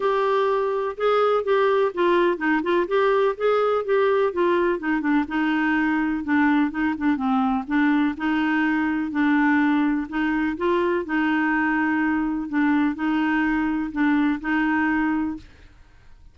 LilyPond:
\new Staff \with { instrumentName = "clarinet" } { \time 4/4 \tempo 4 = 125 g'2 gis'4 g'4 | f'4 dis'8 f'8 g'4 gis'4 | g'4 f'4 dis'8 d'8 dis'4~ | dis'4 d'4 dis'8 d'8 c'4 |
d'4 dis'2 d'4~ | d'4 dis'4 f'4 dis'4~ | dis'2 d'4 dis'4~ | dis'4 d'4 dis'2 | }